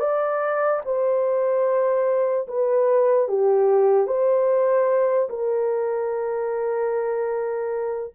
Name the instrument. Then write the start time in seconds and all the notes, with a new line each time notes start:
horn
0.00 D5
0.85 C5
2.48 B4
3.28 G4
4.07 C5
5.30 A#4